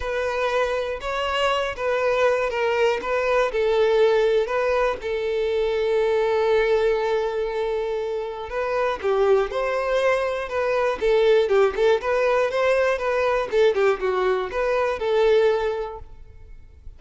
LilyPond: \new Staff \with { instrumentName = "violin" } { \time 4/4 \tempo 4 = 120 b'2 cis''4. b'8~ | b'4 ais'4 b'4 a'4~ | a'4 b'4 a'2~ | a'1~ |
a'4 b'4 g'4 c''4~ | c''4 b'4 a'4 g'8 a'8 | b'4 c''4 b'4 a'8 g'8 | fis'4 b'4 a'2 | }